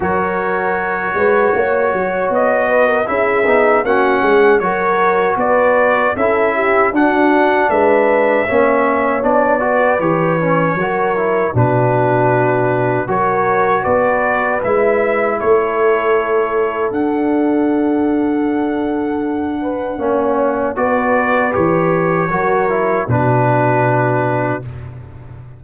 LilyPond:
<<
  \new Staff \with { instrumentName = "trumpet" } { \time 4/4 \tempo 4 = 78 cis''2. dis''4 | e''4 fis''4 cis''4 d''4 | e''4 fis''4 e''2 | d''4 cis''2 b'4~ |
b'4 cis''4 d''4 e''4 | cis''2 fis''2~ | fis''2. d''4 | cis''2 b'2 | }
  \new Staff \with { instrumentName = "horn" } { \time 4/4 ais'4. b'8 cis''4. b'16 ais'16 | gis'4 fis'8 gis'8 ais'4 b'4 | a'8 g'8 fis'4 b'4 cis''4~ | cis''8 b'4. ais'4 fis'4~ |
fis'4 ais'4 b'2 | a'1~ | a'4. b'8 cis''4 b'4~ | b'4 ais'4 fis'2 | }
  \new Staff \with { instrumentName = "trombone" } { \time 4/4 fis'1 | e'8 dis'8 cis'4 fis'2 | e'4 d'2 cis'4 | d'8 fis'8 g'8 cis'8 fis'8 e'8 d'4~ |
d'4 fis'2 e'4~ | e'2 d'2~ | d'2 cis'4 fis'4 | g'4 fis'8 e'8 d'2 | }
  \new Staff \with { instrumentName = "tuba" } { \time 4/4 fis4. gis8 ais8 fis8 b4 | cis'8 b8 ais8 gis8 fis4 b4 | cis'4 d'4 gis4 ais4 | b4 e4 fis4 b,4~ |
b,4 fis4 b4 gis4 | a2 d'2~ | d'2 ais4 b4 | e4 fis4 b,2 | }
>>